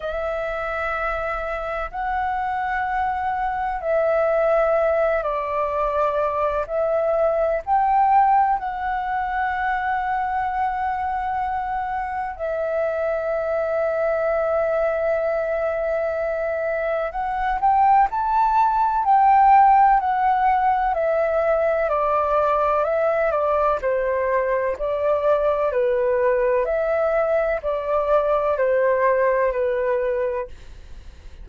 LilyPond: \new Staff \with { instrumentName = "flute" } { \time 4/4 \tempo 4 = 63 e''2 fis''2 | e''4. d''4. e''4 | g''4 fis''2.~ | fis''4 e''2.~ |
e''2 fis''8 g''8 a''4 | g''4 fis''4 e''4 d''4 | e''8 d''8 c''4 d''4 b'4 | e''4 d''4 c''4 b'4 | }